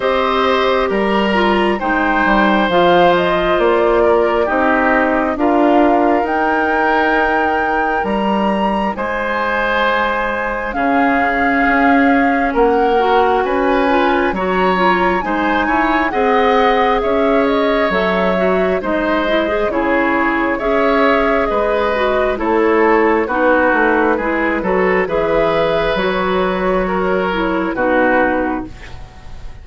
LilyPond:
<<
  \new Staff \with { instrumentName = "flute" } { \time 4/4 \tempo 4 = 67 dis''4 ais''4 g''4 f''8 dis''8 | d''4 dis''4 f''4 g''4~ | g''4 ais''4 gis''2 | f''2 fis''4 gis''4 |
ais''4 gis''4 fis''4 e''8 dis''8 | e''4 dis''4 cis''4 e''4 | dis''4 cis''4 b'2 | e''4 cis''2 b'4 | }
  \new Staff \with { instrumentName = "oboe" } { \time 4/4 c''4 ais'4 c''2~ | c''8 ais'8 g'4 ais'2~ | ais'2 c''2 | gis'2 ais'4 b'4 |
cis''4 c''8 cis''8 dis''4 cis''4~ | cis''4 c''4 gis'4 cis''4 | b'4 a'4 fis'4 gis'8 a'8 | b'2 ais'4 fis'4 | }
  \new Staff \with { instrumentName = "clarinet" } { \time 4/4 g'4. f'8 dis'4 f'4~ | f'4 dis'4 f'4 dis'4~ | dis'1 | cis'2~ cis'8 fis'4 f'8 |
fis'8 f'8 dis'4 gis'2 | a'8 fis'8 dis'8 e'16 gis'16 e'4 gis'4~ | gis'8 fis'8 e'4 dis'4 e'8 fis'8 | gis'4 fis'4. e'8 dis'4 | }
  \new Staff \with { instrumentName = "bassoon" } { \time 4/4 c'4 g4 gis8 g8 f4 | ais4 c'4 d'4 dis'4~ | dis'4 g4 gis2 | cis4 cis'4 ais4 cis'4 |
fis4 gis8 e'8 c'4 cis'4 | fis4 gis4 cis4 cis'4 | gis4 a4 b8 a8 gis8 fis8 | e4 fis2 b,4 | }
>>